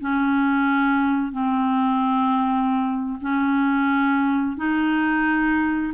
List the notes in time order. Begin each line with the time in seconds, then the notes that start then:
0.00 C#4
1.31 C4
3.21 C#4
4.57 D#4